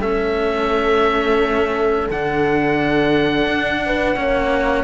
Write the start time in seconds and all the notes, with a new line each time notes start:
0.00 A3 C#4 A4 E5
2.10 D3 D4 F#5
3.47 D4
3.86 B4
4.16 A#3 C#4 C#5